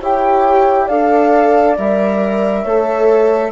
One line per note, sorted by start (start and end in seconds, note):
0.00 0.89 E4
0.00 0.89 G4
0.00 0.85 C#5
0.00 0.88 G5
0.85 1.78 D4
0.85 1.77 A4
0.85 2.61 D5
0.85 1.76 F5
1.77 2.65 G3
1.77 2.65 A#4
1.77 3.51 E5
2.62 3.51 A3
2.62 3.51 A4
2.62 3.50 C#5